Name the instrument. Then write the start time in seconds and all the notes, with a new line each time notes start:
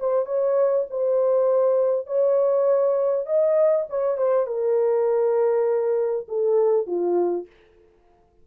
horn
0.00 C5
0.26 C#5
0.91 C5
2.07 C#5
3.27 D#5
3.90 C#5
4.18 C5
4.47 A#4
6.29 A4
6.87 F4